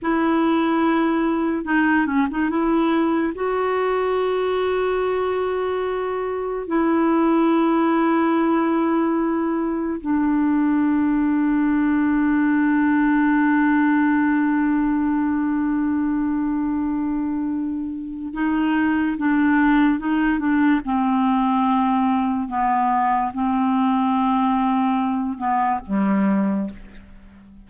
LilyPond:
\new Staff \with { instrumentName = "clarinet" } { \time 4/4 \tempo 4 = 72 e'2 dis'8 cis'16 dis'16 e'4 | fis'1 | e'1 | d'1~ |
d'1~ | d'2 dis'4 d'4 | dis'8 d'8 c'2 b4 | c'2~ c'8 b8 g4 | }